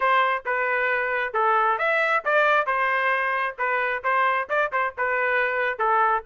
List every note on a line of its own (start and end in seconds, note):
0.00 0.44 C5
0.45 1.33 B4
1.33 1.78 A4
1.78 2.23 E5
2.24 2.66 D5
2.66 3.56 C5
3.58 4.03 B4
4.03 4.48 C5
4.49 4.71 D5
4.71 4.94 C5
4.97 5.78 B4
5.78 6.23 A4